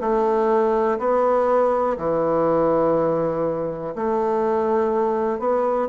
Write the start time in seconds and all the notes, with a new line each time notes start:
0.00 A3
0.99 B3
1.98 E3
3.95 A3
5.39 B3